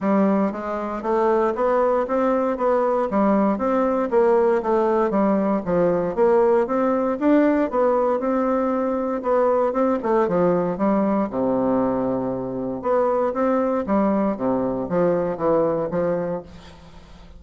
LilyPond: \new Staff \with { instrumentName = "bassoon" } { \time 4/4 \tempo 4 = 117 g4 gis4 a4 b4 | c'4 b4 g4 c'4 | ais4 a4 g4 f4 | ais4 c'4 d'4 b4 |
c'2 b4 c'8 a8 | f4 g4 c2~ | c4 b4 c'4 g4 | c4 f4 e4 f4 | }